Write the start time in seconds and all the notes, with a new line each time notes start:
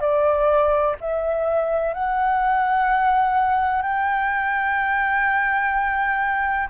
0.00 D5
1.00 E5
1.94 F#5
3.82 G5